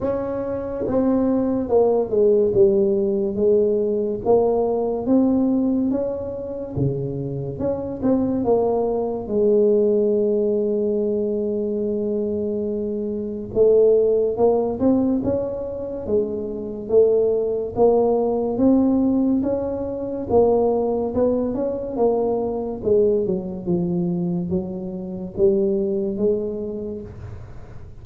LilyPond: \new Staff \with { instrumentName = "tuba" } { \time 4/4 \tempo 4 = 71 cis'4 c'4 ais8 gis8 g4 | gis4 ais4 c'4 cis'4 | cis4 cis'8 c'8 ais4 gis4~ | gis1 |
a4 ais8 c'8 cis'4 gis4 | a4 ais4 c'4 cis'4 | ais4 b8 cis'8 ais4 gis8 fis8 | f4 fis4 g4 gis4 | }